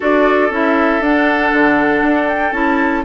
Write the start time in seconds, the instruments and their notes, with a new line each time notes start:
0.00 bassoon D4, clarinet F#4, oboe A4, flute D5
0.50 bassoon C#4, clarinet E4, flute E5
1.00 bassoon D4, clarinet D4, flute F#5
1.53 bassoon D3
2.02 bassoon D4
2.28 flute G5
2.52 bassoon C#4, clarinet E4, flute A5